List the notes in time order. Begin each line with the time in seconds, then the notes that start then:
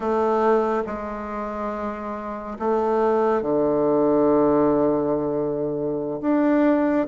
0.00 A3
0.86 G#3
2.59 A3
3.42 D3
6.21 D4